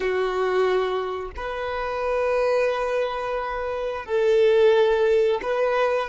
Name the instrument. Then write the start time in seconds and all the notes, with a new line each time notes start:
violin
0.00 F#4
1.36 B4
4.05 A4
5.42 B4